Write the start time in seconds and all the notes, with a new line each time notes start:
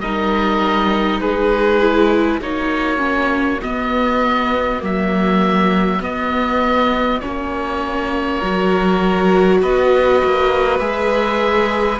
0.00 G3 D#4 A#4 D#5
1.20 G#3 G#4 B4
1.81 E4
2.39 A#3 D#4 F#4 C#5
2.97 C#4
3.62 B3 D#5
4.79 F#3 A#3 E5
6.00 B3 D#5
7.20 A#3 C#4 C#5
8.38 F#3 F#4 A#4
9.62 B3 B4 D#5
10.24 A#3
10.79 G#3 G#4 E5